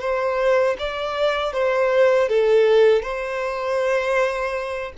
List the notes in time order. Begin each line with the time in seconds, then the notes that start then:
0.00 C5
0.78 D5
1.52 C5
2.29 A4
3.02 C5